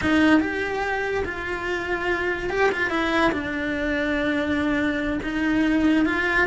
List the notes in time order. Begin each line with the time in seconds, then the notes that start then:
0.01 D#4
0.40 G4
1.24 F4
2.49 G4
2.71 F4
2.90 E4
3.31 D4
5.22 D#4
6.05 F4